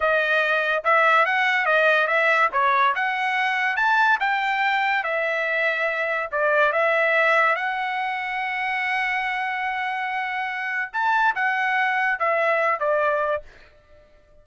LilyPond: \new Staff \with { instrumentName = "trumpet" } { \time 4/4 \tempo 4 = 143 dis''2 e''4 fis''4 | dis''4 e''4 cis''4 fis''4~ | fis''4 a''4 g''2 | e''2. d''4 |
e''2 fis''2~ | fis''1~ | fis''2 a''4 fis''4~ | fis''4 e''4. d''4. | }